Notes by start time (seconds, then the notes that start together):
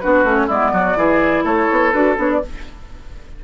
0.00 B3 D4 F#4 B4
0.24 A3 C#4
0.36 C#5
0.47 G#3 B3 E4 D5
0.72 F#3 F#4
0.96 E3 E4 G#4
1.44 A3 A4 C#5
1.71 B3
1.91 D4 F#4 B4
2.16 B3 D4 C#5
2.32 D5